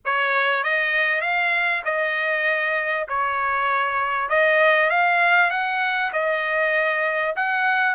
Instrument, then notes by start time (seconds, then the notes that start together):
trumpet
0.05 C#5
0.63 D#5
1.21 F5
1.84 D#5
3.08 C#5
4.29 D#5
4.90 F5
5.50 F#5
6.12 D#5
7.36 F#5